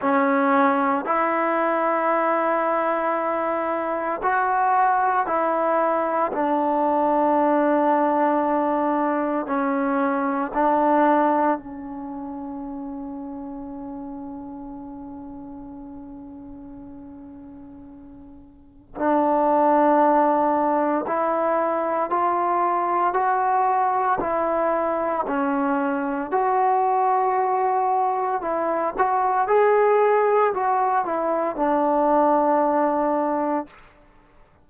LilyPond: \new Staff \with { instrumentName = "trombone" } { \time 4/4 \tempo 4 = 57 cis'4 e'2. | fis'4 e'4 d'2~ | d'4 cis'4 d'4 cis'4~ | cis'1~ |
cis'2 d'2 | e'4 f'4 fis'4 e'4 | cis'4 fis'2 e'8 fis'8 | gis'4 fis'8 e'8 d'2 | }